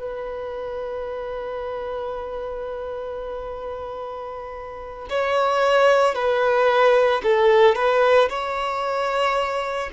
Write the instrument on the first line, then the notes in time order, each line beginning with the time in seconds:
violin
0.00 B4
5.10 C#5
6.15 B4
7.24 A4
7.76 B4
8.29 C#5